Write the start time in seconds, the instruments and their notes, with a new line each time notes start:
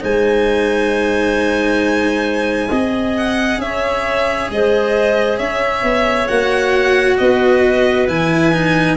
0.00 tuba G#3, cello D#4, clarinet C5, violin G#5
2.69 tuba C4, cello G#4, clarinet D#5
3.17 violin F#5
3.58 tuba C#4, clarinet C#5, violin E5
4.50 tuba G#3, clarinet C5, violin D#5
5.38 tuba C#4, clarinet C#5, violin E5
5.83 tuba B3
6.27 tuba A#3, cello F#4, violin F#5
7.18 tuba B3, clarinet B4, violin D#5
8.08 tuba E3, cello E4, violin G#5
8.52 cello D#4